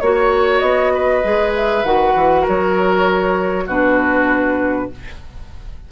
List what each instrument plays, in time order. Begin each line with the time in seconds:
0.00 bassoon A#3, clarinet F#4, flute C#5, oboe C#5
0.59 bassoon B3, flute D#5
0.94 oboe B4
1.24 bassoon G#3, clarinet G#4
1.56 flute E5
1.84 bassoon D#3, clarinet F#4, flute F#5
2.15 bassoon E3
2.41 oboe A#4
2.48 bassoon F#3, flute C#5
3.67 bassoon B2, clarinet D4, oboe F#4, flute B4